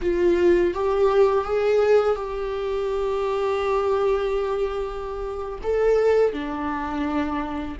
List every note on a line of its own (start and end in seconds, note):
0.01 0.74 F4
0.74 1.44 G4
1.44 2.15 G#4
2.15 5.59 G4
5.63 6.33 A4
6.33 7.77 D4